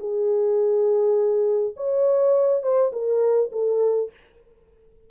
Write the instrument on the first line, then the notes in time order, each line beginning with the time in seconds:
horn
0.00 G#4
1.77 C#5
2.63 C5
2.93 A#4
3.52 A4